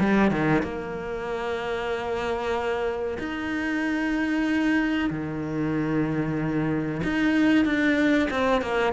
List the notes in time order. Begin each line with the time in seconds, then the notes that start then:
0.00 G3
0.32 D#3
0.63 A#3
3.19 D#4
5.11 D#3
7.04 D#4
7.65 D4
8.31 C4
8.62 A#3